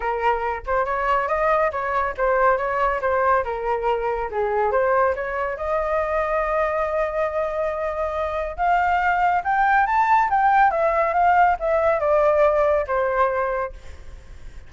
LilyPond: \new Staff \with { instrumentName = "flute" } { \time 4/4 \tempo 4 = 140 ais'4. c''8 cis''4 dis''4 | cis''4 c''4 cis''4 c''4 | ais'2 gis'4 c''4 | cis''4 dis''2.~ |
dis''1 | f''2 g''4 a''4 | g''4 e''4 f''4 e''4 | d''2 c''2 | }